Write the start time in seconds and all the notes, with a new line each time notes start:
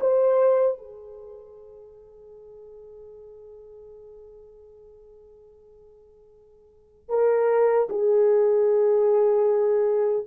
0.00 C5
0.78 G#4
7.09 A#4
7.89 G#4